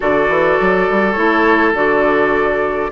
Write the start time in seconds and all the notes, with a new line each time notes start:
0.00 D3 F#4 A4 D5
0.28 E3
0.60 F#3
0.89 G3
1.12 A3 E4 C#5
1.73 D3 F#4 D5